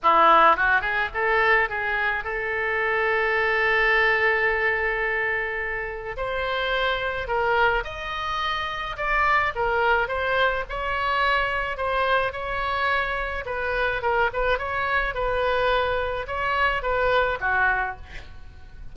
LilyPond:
\new Staff \with { instrumentName = "oboe" } { \time 4/4 \tempo 4 = 107 e'4 fis'8 gis'8 a'4 gis'4 | a'1~ | a'2. c''4~ | c''4 ais'4 dis''2 |
d''4 ais'4 c''4 cis''4~ | cis''4 c''4 cis''2 | b'4 ais'8 b'8 cis''4 b'4~ | b'4 cis''4 b'4 fis'4 | }